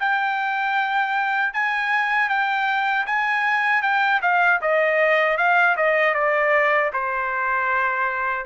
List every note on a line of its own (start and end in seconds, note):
0.00 1.53 G5
1.53 2.29 G#5
2.29 3.06 G5
3.06 3.83 G#5
3.83 4.21 G5
4.22 4.60 F5
4.62 5.37 D#5
5.37 5.76 F5
5.77 6.14 D#5
6.14 6.91 D5
6.93 8.46 C5